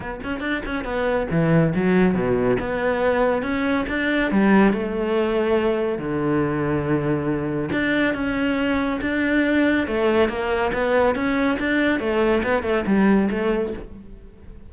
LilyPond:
\new Staff \with { instrumentName = "cello" } { \time 4/4 \tempo 4 = 140 b8 cis'8 d'8 cis'8 b4 e4 | fis4 b,4 b2 | cis'4 d'4 g4 a4~ | a2 d2~ |
d2 d'4 cis'4~ | cis'4 d'2 a4 | ais4 b4 cis'4 d'4 | a4 b8 a8 g4 a4 | }